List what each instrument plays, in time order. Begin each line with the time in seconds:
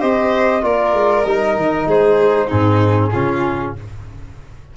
0.00 tuba C4, trombone G4, violin C5, flute D#5
0.62 tuba A#3, trombone F4, violin A#4, flute D5
0.94 tuba G#3
1.25 tuba G3, trombone D#4, flute D#5
1.57 tuba D#3
1.86 tuba G#3, violin G#4, flute C5
2.48 tuba G#2, trombone C4, violin D#4, flute G#4
3.12 tuba C#3, trombone C#4, violin F4